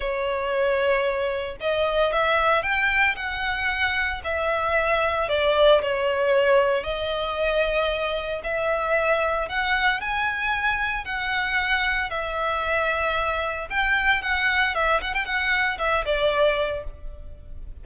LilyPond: \new Staff \with { instrumentName = "violin" } { \time 4/4 \tempo 4 = 114 cis''2. dis''4 | e''4 g''4 fis''2 | e''2 d''4 cis''4~ | cis''4 dis''2. |
e''2 fis''4 gis''4~ | gis''4 fis''2 e''4~ | e''2 g''4 fis''4 | e''8 fis''16 g''16 fis''4 e''8 d''4. | }